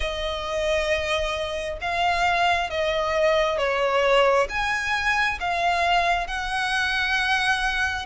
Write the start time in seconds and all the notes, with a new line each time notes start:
0.00 D#5
1.81 F5
2.69 D#5
3.57 C#5
4.49 G#5
5.40 F5
6.27 F#5